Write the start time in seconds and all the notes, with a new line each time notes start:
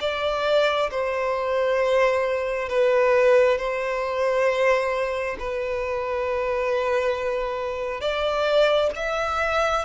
0.00 D5
0.91 C5
2.69 B4
3.57 C5
5.39 B4
8.01 D5
8.96 E5